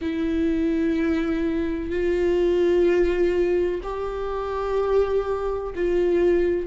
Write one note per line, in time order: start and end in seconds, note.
0.01 1.90 E4
1.90 3.81 F4
3.83 5.73 G4
5.75 6.66 F4